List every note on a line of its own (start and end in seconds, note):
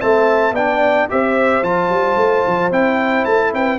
0.00 0.52 A3
0.00 0.54 C4
0.00 0.55 E5
0.00 0.55 A5
0.52 1.06 B3
0.52 1.10 D4
0.52 1.09 D5
0.52 1.10 G5
1.10 1.63 C4
1.10 1.64 G4
1.10 3.54 C5
1.10 1.64 E5
1.63 1.89 F3
1.63 2.72 F4
1.63 2.72 A5
1.89 2.16 G3
2.17 2.44 A3
2.47 2.72 F3
2.72 3.26 C4
2.72 3.79 E4
2.72 3.25 G5
3.25 3.53 A3
3.25 3.52 A5
3.53 3.79 C4
3.53 3.79 B4
3.53 3.79 G5